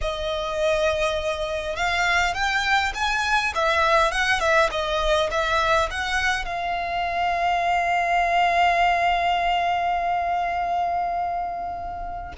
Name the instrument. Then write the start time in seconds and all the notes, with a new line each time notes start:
violin
0.01 D#5
1.76 F5
2.34 G5
2.94 G#5
3.55 E5
4.11 F#5
4.40 E5
4.71 D#5
5.30 E5
5.90 F#5
6.45 F5